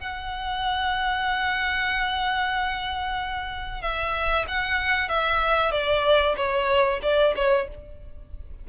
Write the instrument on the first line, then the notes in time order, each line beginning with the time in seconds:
violin
0.00 F#5
3.82 E5
4.48 F#5
5.09 E5
5.72 D5
6.37 C#5
7.02 D5
7.36 C#5